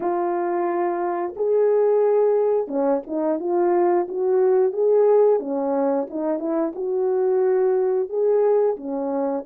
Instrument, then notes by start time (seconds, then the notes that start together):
horn
0.00 F4
1.36 G#4
2.67 C#4
3.06 D#4
3.39 F4
4.08 F#4
4.72 G#4
5.39 C#4
6.09 D#4
6.39 E4
6.75 F#4
8.09 G#4
8.76 C#4